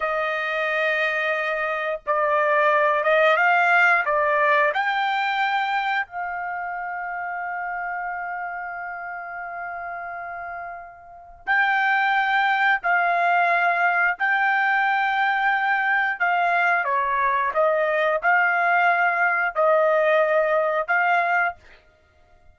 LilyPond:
\new Staff \with { instrumentName = "trumpet" } { \time 4/4 \tempo 4 = 89 dis''2. d''4~ | d''8 dis''8 f''4 d''4 g''4~ | g''4 f''2.~ | f''1~ |
f''4 g''2 f''4~ | f''4 g''2. | f''4 cis''4 dis''4 f''4~ | f''4 dis''2 f''4 | }